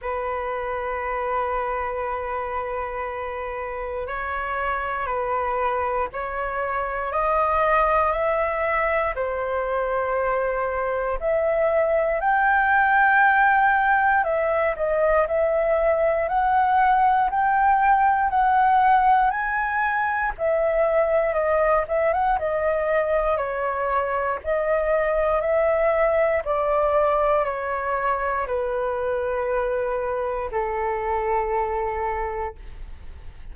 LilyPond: \new Staff \with { instrumentName = "flute" } { \time 4/4 \tempo 4 = 59 b'1 | cis''4 b'4 cis''4 dis''4 | e''4 c''2 e''4 | g''2 e''8 dis''8 e''4 |
fis''4 g''4 fis''4 gis''4 | e''4 dis''8 e''16 fis''16 dis''4 cis''4 | dis''4 e''4 d''4 cis''4 | b'2 a'2 | }